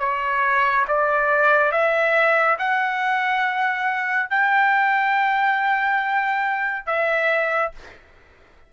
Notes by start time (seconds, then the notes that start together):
0.00 C#5
0.88 D5
1.72 E5
2.59 F#5
4.30 G5
6.86 E5